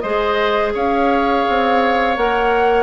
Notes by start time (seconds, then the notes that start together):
0.00 G#3 G#4 C5 D#5
0.74 C#4 C#5 F5
1.49 C4
2.16 A#3 A#4 F#5